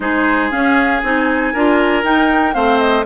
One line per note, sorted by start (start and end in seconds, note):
0.00 0.51 G#3
0.00 0.51 D#4
0.00 1.53 G#4
0.00 0.51 C5
0.51 1.01 C#4
0.51 1.02 C#4
0.51 1.02 F5
1.03 1.53 C4
1.03 1.54 D#4
1.03 2.04 G#5
1.53 2.03 D4
1.53 2.04 F4
1.53 2.54 A#4
2.03 2.54 D#4
2.03 2.53 D#4
2.03 2.53 G5
2.53 3.05 A3
2.53 3.04 C4
2.53 3.05 C5
2.53 2.78 F5
2.78 3.04 D#5